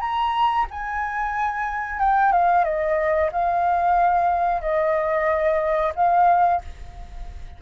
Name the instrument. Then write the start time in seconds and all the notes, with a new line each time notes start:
flute
0.00 A#5
0.70 G#5
1.99 G5
2.32 F5
2.64 D#5
3.32 F5
4.61 D#5
5.95 F5